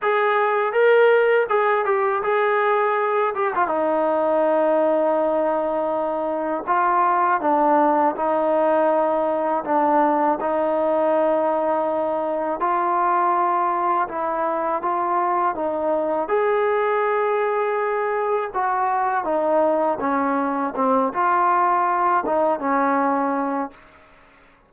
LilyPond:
\new Staff \with { instrumentName = "trombone" } { \time 4/4 \tempo 4 = 81 gis'4 ais'4 gis'8 g'8 gis'4~ | gis'8 g'16 f'16 dis'2.~ | dis'4 f'4 d'4 dis'4~ | dis'4 d'4 dis'2~ |
dis'4 f'2 e'4 | f'4 dis'4 gis'2~ | gis'4 fis'4 dis'4 cis'4 | c'8 f'4. dis'8 cis'4. | }